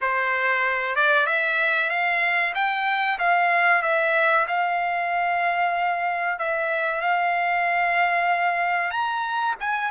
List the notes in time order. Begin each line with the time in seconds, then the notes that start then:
0.01 C5
0.95 D5
1.26 E5
1.89 F5
2.54 G5
3.19 F5
3.82 E5
4.47 F5
6.38 E5
7.01 F5
8.90 A#5
9.59 G#5